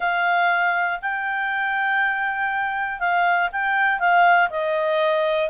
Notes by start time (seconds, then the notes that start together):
0.00 F5
1.01 G5
2.99 F5
3.52 G5
3.99 F5
4.50 D#5